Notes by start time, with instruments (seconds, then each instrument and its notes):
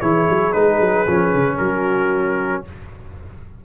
0.00 tuba E3, trombone E4, horn G#4, trumpet C#5
0.29 tuba F#3
0.53 tuba G#3, trombone D#4, trumpet B4
0.81 tuba F#3
1.07 tuba F3, trombone C#4
1.34 tuba C#3
1.57 tuba F#3, horn F#4, trumpet A#4